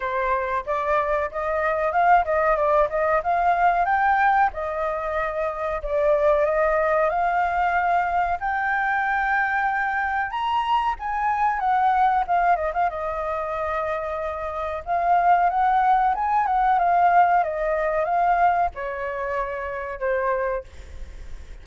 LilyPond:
\new Staff \with { instrumentName = "flute" } { \time 4/4 \tempo 4 = 93 c''4 d''4 dis''4 f''8 dis''8 | d''8 dis''8 f''4 g''4 dis''4~ | dis''4 d''4 dis''4 f''4~ | f''4 g''2. |
ais''4 gis''4 fis''4 f''8 dis''16 f''16 | dis''2. f''4 | fis''4 gis''8 fis''8 f''4 dis''4 | f''4 cis''2 c''4 | }